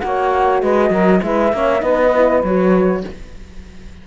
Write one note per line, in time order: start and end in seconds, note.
0.00 0.63 A#3
0.00 1.21 F#4
0.00 0.62 C#5
0.00 0.61 F#5
0.61 0.90 G#3
0.61 0.90 B4
0.61 1.22 D#5
0.90 1.21 F#3
0.90 1.20 A#4
1.22 1.53 G#3
1.22 1.52 E4
1.22 1.54 B4
1.22 1.82 E5
1.53 1.82 A#3
1.53 1.79 C#4
1.53 1.82 C#5
1.79 2.43 B3
1.79 2.09 D#4
1.79 3.03 B4
1.79 2.43 D#5
2.15 2.45 E4
2.43 3.04 F#3
2.43 3.07 F#4
2.43 3.05 C#5